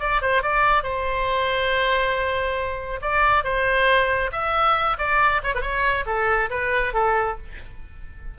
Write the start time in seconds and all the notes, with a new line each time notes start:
0.00 D5
0.22 C5
0.43 D5
0.83 C5
3.02 D5
3.44 C5
4.32 E5
4.98 D5
5.43 C#5
5.55 B4
5.61 C#5
6.06 A4
6.50 B4
6.94 A4